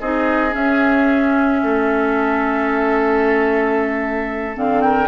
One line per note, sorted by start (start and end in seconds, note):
0.00 0.54 C4
0.00 0.50 D#4
0.00 1.61 G#4
0.00 0.54 D#5
0.50 4.52 C#4
0.50 1.62 C#4
0.50 4.56 E5
1.63 4.56 A3
1.63 4.83 A4
4.54 5.08 D3
4.54 5.07 C4
4.54 4.81 F5
4.81 5.08 A#4
4.81 5.08 G5